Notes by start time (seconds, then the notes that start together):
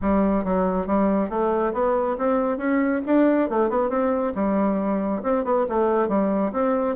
0.01 G3
0.44 F#3
0.86 G3
1.29 A3
1.73 B3
2.18 C4
2.57 C#4
3.06 D4
3.49 A3
3.69 B3
3.89 C4
4.35 G3
5.23 C4
5.44 B3
5.68 A3
6.08 G3
6.52 C4